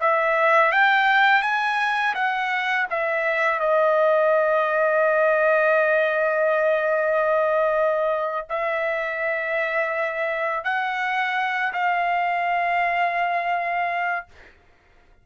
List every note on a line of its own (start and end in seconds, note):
0.00 0.71 E5
0.71 1.42 G5
1.42 2.14 G#5
2.14 2.87 F#5
2.90 3.59 E5
3.59 8.47 D#5
8.49 10.64 E5
10.64 11.72 F#5
11.73 14.26 F5